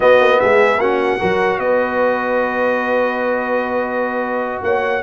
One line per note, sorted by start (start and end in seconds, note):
0.00 0.78 B3
0.00 0.19 B3
0.00 0.39 F#4
0.00 0.40 D#5
0.19 0.40 A#3
0.40 0.78 G#3
0.40 0.79 G#4
0.40 0.80 E5
0.78 1.18 A#3
0.78 1.19 C#4
0.78 1.19 F#4
0.78 1.59 F#5
1.19 1.59 F#3
1.19 5.02 F#4
1.19 1.59 A#4
1.59 4.61 B3
1.59 4.64 B4
1.59 4.61 D#5
4.62 5.02 A#3
4.62 5.02 C#5
4.62 5.02 F#5